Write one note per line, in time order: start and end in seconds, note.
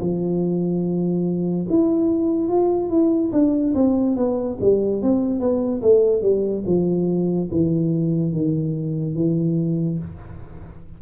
0.00 1.67 F3
1.69 2.48 E4
2.48 2.89 F4
2.89 3.31 E4
3.32 3.74 D4
3.75 4.16 C4
4.16 4.58 B3
4.60 5.02 G3
5.02 5.40 C4
5.40 5.81 B3
5.82 6.22 A3
6.22 6.63 G3
6.66 7.49 F3
7.51 8.33 E3
8.33 9.15 D#3
9.15 9.98 E3